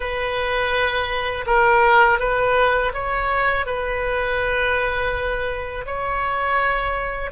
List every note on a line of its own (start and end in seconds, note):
0.00 1.45 B4
1.46 2.19 A#4
2.19 2.92 B4
2.93 3.66 C#5
3.66 5.85 B4
5.86 7.31 C#5